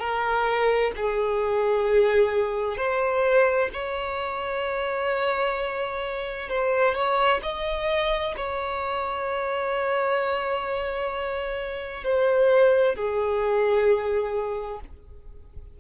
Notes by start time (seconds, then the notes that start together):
0.00 A#4
0.97 G#4
2.77 C5
3.73 C#5
6.49 C5
6.95 C#5
7.43 D#5
8.37 C#5
12.04 C5
12.96 G#4